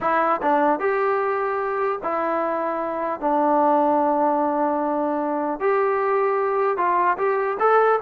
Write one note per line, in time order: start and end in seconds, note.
0.00 0.40 E4
0.42 0.79 D4
0.79 1.99 G4
2.03 3.20 E4
3.20 5.60 D4
5.60 6.77 G4
6.77 7.17 F4
7.17 7.57 G4
7.59 7.99 A4